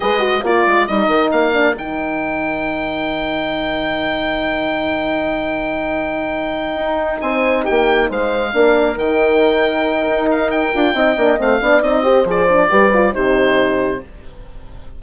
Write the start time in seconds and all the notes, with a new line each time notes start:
0.00 G#3 G#4 B4 D#5
0.19 F#4
0.43 A#3 F4 A#4 D5
0.66 G#3
0.87 G3 D#4 D#5
1.07 D#3
1.31 A#3 F5
1.53 D4
1.75 D#3 D#4 G5
6.76 D#4
7.20 C4 C5 G#5
7.64 A#3 G4 G5
8.09 G#3 C5 F5
8.53 A#3 D4 A#4
8.96 D#3 D#4 G5
10.07 D#4
10.31 F5
10.50 G5
10.73 D4 F4
10.94 C4 D#4 D#5
11.16 A#3 D4
11.38 A3 C4 F5
11.60 B3 D4 D5
11.81 C4 D#4 D#5
12.03 G4 C5
12.24 F3 G#4 D5
12.48 D4
12.69 G3 G4 B4
12.93 F4
13.12 C3 D#4 G4 C5